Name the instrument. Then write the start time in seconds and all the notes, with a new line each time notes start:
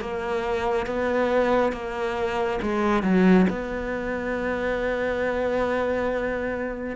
cello
0.00 A#3
0.86 B3
1.72 A#3
2.62 G#3
3.03 F#3
3.49 B3